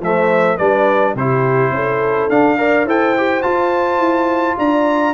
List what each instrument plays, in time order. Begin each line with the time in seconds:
0.00 tuba F3, trombone A3, horn C5, trumpet E5
0.57 tuba G3, trombone D4, horn B4, trumpet D5
1.15 tuba C3, trombone E4, horn G4, trumpet C5
1.71 tuba C#4, horn A4
2.29 tuba D4, trombone D4, trumpet F5
2.58 trombone A#4, horn D5
2.86 tuba E4, trombone A4, horn C5, trumpet G5
3.18 trombone G4
3.43 trombone F4, tuba F4, trumpet A5
3.99 tuba E4
4.59 tuba D4, horn D5, trumpet A#5